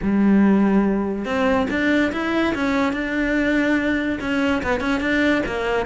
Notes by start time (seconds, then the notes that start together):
0.02 G3
1.25 C4
1.70 D4
2.12 E4
2.54 C#4
2.92 D4
4.20 C#4
4.63 B3
4.80 C#4
5.00 D4
5.46 A#3